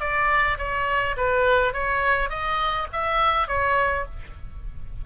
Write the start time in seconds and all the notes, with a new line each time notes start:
0.00 D5
0.58 C#5
1.17 B4
1.73 C#5
2.29 D#5
2.92 E5
3.47 C#5